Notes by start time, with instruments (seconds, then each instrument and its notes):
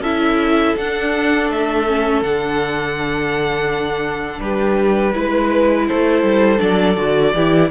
0.00 cello C#4, viola E4, violin A4 E5
0.76 cello D4, viola D4, violin F#5
1.49 cello A3, violin E5
1.87 viola C#4
2.22 cello D3, viola D4, violin F#5
4.40 cello G3, violin G4 B4
5.14 cello G#3, viola E4, violin B4
5.87 cello A3, violin A4 C5
6.23 cello G3
6.58 cello F#3, viola D4, violin D5
6.96 cello D3, viola F#4
7.34 cello E3, viola E4, violin G4